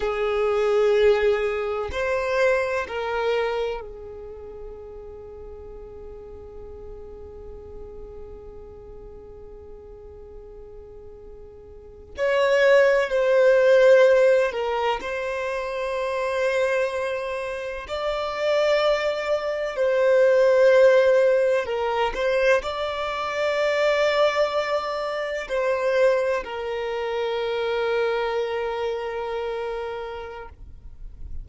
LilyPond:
\new Staff \with { instrumentName = "violin" } { \time 4/4 \tempo 4 = 63 gis'2 c''4 ais'4 | gis'1~ | gis'1~ | gis'8. cis''4 c''4. ais'8 c''16~ |
c''2~ c''8. d''4~ d''16~ | d''8. c''2 ais'8 c''8 d''16~ | d''2~ d''8. c''4 ais'16~ | ais'1 | }